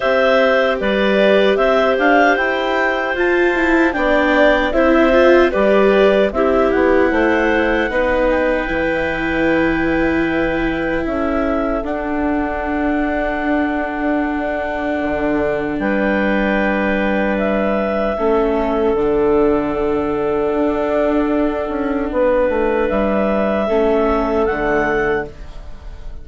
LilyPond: <<
  \new Staff \with { instrumentName = "clarinet" } { \time 4/4 \tempo 4 = 76 e''4 d''4 e''8 f''8 g''4 | a''4 g''4 e''4 d''4 | e''8 fis''2 g''4.~ | g''2 e''4 fis''4~ |
fis''1 | g''2 e''2 | fis''1~ | fis''4 e''2 fis''4 | }
  \new Staff \with { instrumentName = "clarinet" } { \time 4/4 c''4 b'4 c''2~ | c''4 d''4 c''4 b'4 | g'4 c''4 b'2~ | b'2 a'2~ |
a'1 | b'2. a'4~ | a'1 | b'2 a'2 | }
  \new Staff \with { instrumentName = "viola" } { \time 4/4 g'1 | f'8 e'8 d'4 e'8 f'8 g'4 | e'2 dis'4 e'4~ | e'2. d'4~ |
d'1~ | d'2. cis'4 | d'1~ | d'2 cis'4 a4 | }
  \new Staff \with { instrumentName = "bassoon" } { \time 4/4 c'4 g4 c'8 d'8 e'4 | f'4 b4 c'4 g4 | c'8 b8 a4 b4 e4~ | e2 cis'4 d'4~ |
d'2. d4 | g2. a4 | d2 d'4. cis'8 | b8 a8 g4 a4 d4 | }
>>